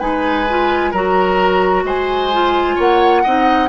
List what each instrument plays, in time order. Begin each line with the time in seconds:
0.00 bassoon G#3, clarinet D#4, oboe B4, flute G#5
0.50 clarinet F4
0.91 bassoon F#3, clarinet F#4, oboe A#4, flute A#5
1.84 bassoon G#3, oboe C5, flute G#5
2.33 clarinet F4
2.76 bassoon A#3, oboe C#5, flute F#5
3.24 bassoon C4, clarinet D#4, oboe D#5